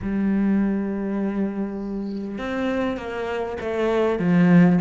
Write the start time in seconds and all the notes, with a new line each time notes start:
0.02 G3
2.37 C4
2.97 A#3
3.60 A3
4.19 F3